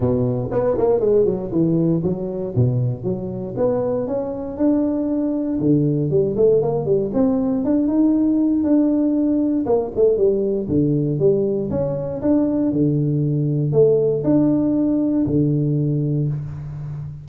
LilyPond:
\new Staff \with { instrumentName = "tuba" } { \time 4/4 \tempo 4 = 118 b,4 b8 ais8 gis8 fis8 e4 | fis4 b,4 fis4 b4 | cis'4 d'2 d4 | g8 a8 ais8 g8 c'4 d'8 dis'8~ |
dis'4 d'2 ais8 a8 | g4 d4 g4 cis'4 | d'4 d2 a4 | d'2 d2 | }